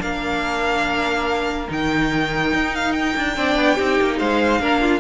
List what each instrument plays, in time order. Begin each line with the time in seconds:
0.00 cello A#3, viola D4, violin A#4 F5
1.69 cello D#3, viola D#4, violin G5
2.53 cello D#4
2.75 violin F5
2.92 violin G5
3.16 cello D4
3.36 cello C4, viola D4, violin D5
3.56 cello B3
3.75 cello C4, viola D#4, violin G4
4.01 cello A#3
4.19 cello G#3, violin C5 F5
4.59 cello A#3, viola D4, violin A#4
4.80 violin F4